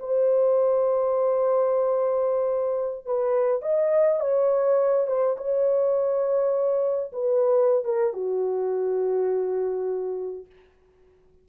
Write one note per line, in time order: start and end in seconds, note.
0.00 3.06 C5
3.06 3.62 B4
3.62 4.20 D#5
4.20 5.08 C#5
5.08 5.37 C5
5.38 7.13 C#5
7.13 7.85 B4
7.85 8.14 A#4
8.14 10.47 F#4